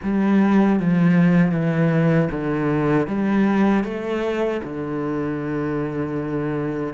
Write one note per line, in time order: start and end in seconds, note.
0.02 0.79 G3
0.79 1.51 F3
1.51 2.28 E3
2.31 3.07 D3
3.07 3.84 G3
3.84 4.60 A3
4.63 6.93 D3